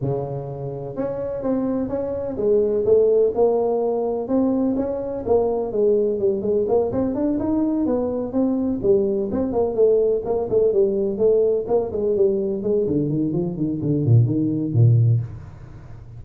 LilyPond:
\new Staff \with { instrumentName = "tuba" } { \time 4/4 \tempo 4 = 126 cis2 cis'4 c'4 | cis'4 gis4 a4 ais4~ | ais4 c'4 cis'4 ais4 | gis4 g8 gis8 ais8 c'8 d'8 dis'8~ |
dis'8 b4 c'4 g4 c'8 | ais8 a4 ais8 a8 g4 a8~ | a8 ais8 gis8 g4 gis8 d8 dis8 | f8 dis8 d8 ais,8 dis4 ais,4 | }